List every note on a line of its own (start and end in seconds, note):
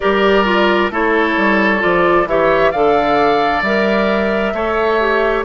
0.00 0.90 G3
0.00 0.44 G4
0.00 0.91 A#4
0.00 0.91 D5
0.44 0.90 F4
0.90 1.35 A3
0.90 1.79 E4
0.90 2.28 A4
0.90 1.82 C#5
1.37 1.82 G3
1.79 2.26 F3
1.79 2.24 F4
1.79 2.28 D5
2.26 2.71 E3
2.26 2.73 G4
2.26 2.71 C#5
2.26 2.71 E5
2.71 3.61 D3
2.71 3.65 A4
2.71 4.53 D5
2.71 3.62 F5
3.61 4.52 G3
3.61 4.54 A#4
3.61 5.44 E5
4.53 5.44 A3
4.53 5.00 A4
4.53 5.44 C#5
5.00 5.44 G4